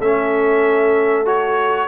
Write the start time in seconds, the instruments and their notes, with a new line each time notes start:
0.00 tuba A3, trombone C#4, horn A4, trumpet E5
1.26 trombone F#4, trumpet C#5